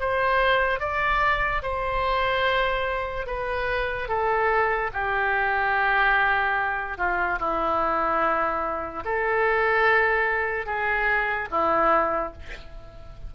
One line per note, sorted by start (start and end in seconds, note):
0.00 0.80 C5
0.80 1.62 D5
1.63 3.26 C5
3.26 4.08 B4
4.08 4.91 A4
4.93 6.98 G4
6.98 7.39 F4
7.39 9.03 E4
9.05 10.66 A4
10.66 11.48 G#4
11.51 12.33 E4